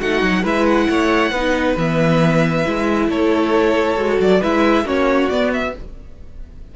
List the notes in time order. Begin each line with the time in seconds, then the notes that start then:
0.00 A3 D#4 F#4 F#5
0.22 F#3
0.43 G#3 E4 B4 E5
0.66 F#5
0.89 A3 C#5
1.31 B3 D#4 B4
1.77 E3 B3 E5
2.65 G#3 E4
3.08 A3 A4 C#5
3.97 G#3 F#4
4.19 F#3 D5
4.40 G#3 E4 B4 E5
4.84 A#3 C#4 F#4 C#5
5.29 B3 D5
5.53 E5